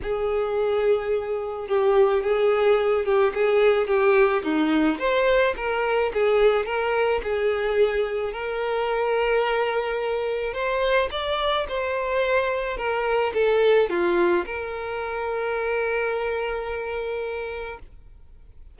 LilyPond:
\new Staff \with { instrumentName = "violin" } { \time 4/4 \tempo 4 = 108 gis'2. g'4 | gis'4. g'8 gis'4 g'4 | dis'4 c''4 ais'4 gis'4 | ais'4 gis'2 ais'4~ |
ais'2. c''4 | d''4 c''2 ais'4 | a'4 f'4 ais'2~ | ais'1 | }